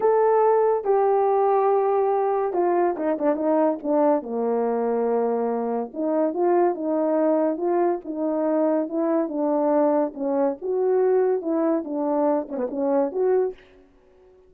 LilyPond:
\new Staff \with { instrumentName = "horn" } { \time 4/4 \tempo 4 = 142 a'2 g'2~ | g'2 f'4 dis'8 d'8 | dis'4 d'4 ais2~ | ais2 dis'4 f'4 |
dis'2 f'4 dis'4~ | dis'4 e'4 d'2 | cis'4 fis'2 e'4 | d'4. cis'16 b16 cis'4 fis'4 | }